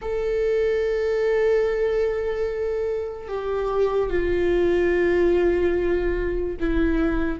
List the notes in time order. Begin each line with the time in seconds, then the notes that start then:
0.01 A4
3.28 G4
4.09 F4
6.59 E4